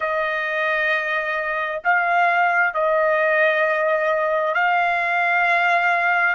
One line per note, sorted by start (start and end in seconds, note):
0.00 1.82 D#5
1.84 2.74 F5
2.74 4.54 D#5
4.54 6.35 F5